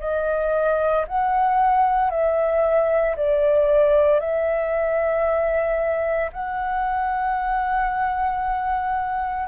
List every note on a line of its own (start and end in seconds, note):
0.00 1.05 D#5
1.08 2.11 F#5
2.11 3.16 E5
3.16 4.20 D5
4.20 6.31 E5
6.33 9.48 F#5